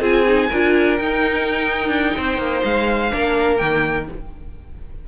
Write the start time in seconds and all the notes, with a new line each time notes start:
0.00 C4 F4 G#4 G#5
0.27 D#4
0.49 D4 F4 A#4
0.96 D#4 G5
1.88 D4
2.17 C4 C5
2.38 A#3
2.64 G#3 F5
3.10 A#3 D4 A#4
3.57 D#3 A#3 G5